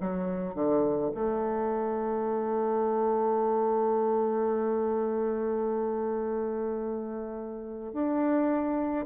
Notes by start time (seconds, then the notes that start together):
0.00 F#3
0.54 D3
1.14 A3
7.92 D4